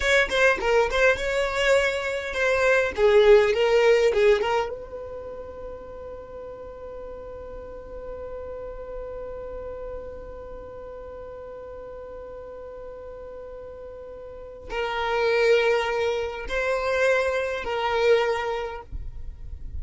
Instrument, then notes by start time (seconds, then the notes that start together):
violin
0.00 C#5
0.29 C5
0.60 A#4
0.90 C5
1.16 C#5
2.33 C5
2.96 G#4
3.53 A#4
4.13 G#4
4.41 A#4
4.69 B4
14.70 A#4
16.48 C5
17.64 A#4